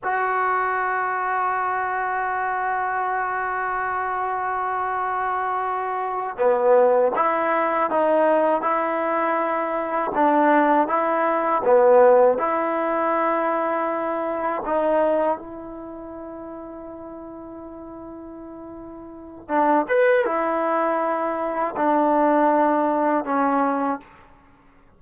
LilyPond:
\new Staff \with { instrumentName = "trombone" } { \time 4/4 \tempo 4 = 80 fis'1~ | fis'1~ | fis'8 b4 e'4 dis'4 e'8~ | e'4. d'4 e'4 b8~ |
b8 e'2. dis'8~ | dis'8 e'2.~ e'8~ | e'2 d'8 b'8 e'4~ | e'4 d'2 cis'4 | }